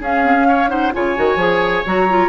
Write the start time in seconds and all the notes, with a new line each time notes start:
0.00 C#4 G#4 F5
0.24 C4
0.34 C#4
0.49 C#5
0.69 D#4 C5 F#5
0.94 C#3 F4 C#5 G#5
1.16 D#3 F#4
1.36 F3 G#4
1.86 F#3 F#4 A#5
2.09 F4